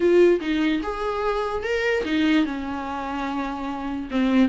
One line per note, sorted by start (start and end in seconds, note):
0.00 0.40 F4
0.40 0.81 D#4
0.83 1.63 G#4
1.63 2.04 A#4
2.04 2.45 D#4
2.45 4.09 C#4
4.11 4.48 C4